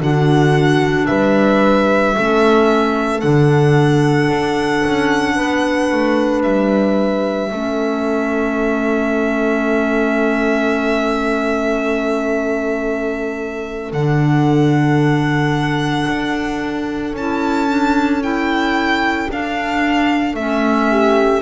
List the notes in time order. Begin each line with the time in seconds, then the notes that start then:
0.00 D3 D4 F#4 F#5
1.06 G3 B4 E5
2.16 A3 C#4 A4
3.20 D3 D4 F#5
4.29 D4
4.86 C#4
5.36 B3 B4
5.91 A3
6.42 G3 E5
7.51 A3 C#4 A4
13.92 D3 D4 F#5
16.08 D4
17.13 C#4 E4 A5
17.68 D4
18.22 E4 G5
19.29 D4 F5
20.34 A3 C#4 E5
20.90 G4